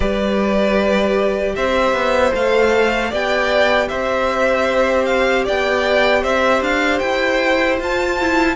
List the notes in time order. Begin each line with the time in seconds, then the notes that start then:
0.00 G3 G4 B4 D5
1.55 C4 C5 E5
1.92 B3
2.32 A3 A4 F5
3.09 B3 G4 D5 G5
3.88 C4 C5 E5
5.05 F5
5.44 B3 D5 G5
6.21 C4 C5 E5
6.61 D4 F5
6.99 E4 G5
7.78 F4 A5
8.20 E4